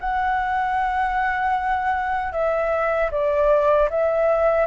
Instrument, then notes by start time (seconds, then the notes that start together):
flute
0.00 F#5
2.33 E5
3.12 D5
3.90 E5